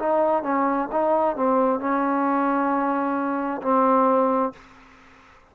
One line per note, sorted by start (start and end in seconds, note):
0.00 0.43 D#4
0.43 0.89 C#4
0.92 1.37 D#4
1.37 1.80 C4
1.80 3.62 C#4
3.62 4.53 C4